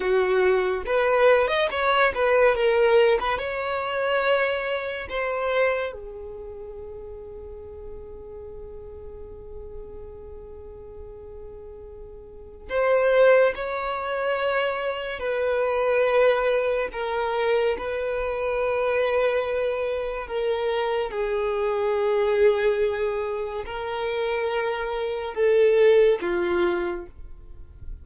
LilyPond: \new Staff \with { instrumentName = "violin" } { \time 4/4 \tempo 4 = 71 fis'4 b'8. dis''16 cis''8 b'8 ais'8. b'16 | cis''2 c''4 gis'4~ | gis'1~ | gis'2. c''4 |
cis''2 b'2 | ais'4 b'2. | ais'4 gis'2. | ais'2 a'4 f'4 | }